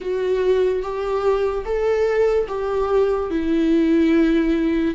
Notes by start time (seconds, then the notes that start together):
0.00 F#4
0.82 G4
1.65 A4
2.48 G4
3.30 E4